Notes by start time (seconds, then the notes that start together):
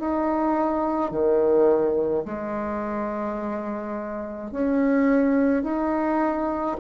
0.00 D#4
1.12 D#3
2.25 G#3
4.52 C#4
5.63 D#4